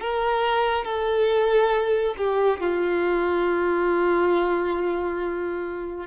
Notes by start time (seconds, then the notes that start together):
0.00 A#4
0.85 A4
2.17 G4
2.60 F4